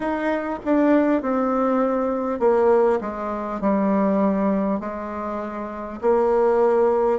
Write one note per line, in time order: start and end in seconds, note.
0.00 0.59 D#4
0.64 1.22 D4
1.22 2.39 C4
2.39 2.99 A#3
3.00 3.60 G#3
3.61 4.80 G3
4.80 6.00 G#3
6.01 7.19 A#3